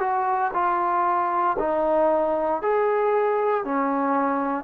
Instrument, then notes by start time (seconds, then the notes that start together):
trombone
0.00 F#4
0.54 F4
1.59 D#4
2.62 G#4
3.65 C#4